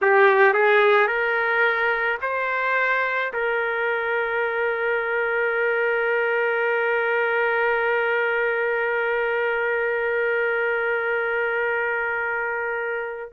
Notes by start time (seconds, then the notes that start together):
0.02 G4
0.53 G#4
1.07 A#4
2.21 C5
3.33 A#4